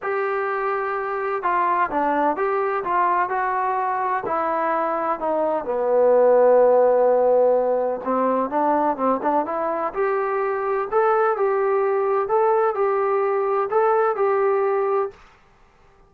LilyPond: \new Staff \with { instrumentName = "trombone" } { \time 4/4 \tempo 4 = 127 g'2. f'4 | d'4 g'4 f'4 fis'4~ | fis'4 e'2 dis'4 | b1~ |
b4 c'4 d'4 c'8 d'8 | e'4 g'2 a'4 | g'2 a'4 g'4~ | g'4 a'4 g'2 | }